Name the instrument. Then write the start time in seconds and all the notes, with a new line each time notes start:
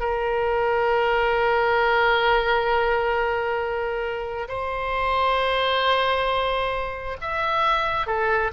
oboe
0.00 A#4
4.49 C5
7.21 E5
8.07 A4